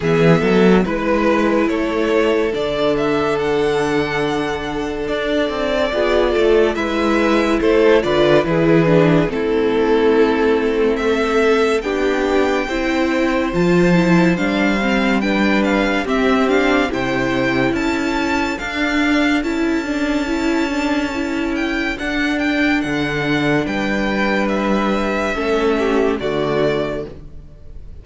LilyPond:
<<
  \new Staff \with { instrumentName = "violin" } { \time 4/4 \tempo 4 = 71 e''4 b'4 cis''4 d''8 e''8 | fis''2 d''2 | e''4 c''8 d''8 b'4 a'4~ | a'4 e''4 g''2 |
a''4 f''4 g''8 f''8 e''8 f''8 | g''4 a''4 f''4 a''4~ | a''4. g''8 fis''8 g''8 fis''4 | g''4 e''2 d''4 | }
  \new Staff \with { instrumentName = "violin" } { \time 4/4 gis'8 a'8 b'4 a'2~ | a'2. gis'8 a'8 | b'4 a'8 b'8 gis'4 e'4~ | e'4 a'4 g'4 c''4~ |
c''2 b'4 g'4 | c''4 a'2.~ | a'1 | b'2 a'8 g'8 fis'4 | }
  \new Staff \with { instrumentName = "viola" } { \time 4/4 b4 e'2 d'4~ | d'2. f'4 | e'4. f'8 e'8 d'8 c'4~ | c'2 d'4 e'4 |
f'8 e'8 d'8 c'8 d'4 c'8 d'8 | e'2 d'4 e'8 d'8 | e'8 d'8 e'4 d'2~ | d'2 cis'4 a4 | }
  \new Staff \with { instrumentName = "cello" } { \time 4/4 e8 fis8 gis4 a4 d4~ | d2 d'8 c'8 b8 a8 | gis4 a8 d8 e4 a4~ | a2 b4 c'4 |
f4 g2 c'4 | c4 cis'4 d'4 cis'4~ | cis'2 d'4 d4 | g2 a4 d4 | }
>>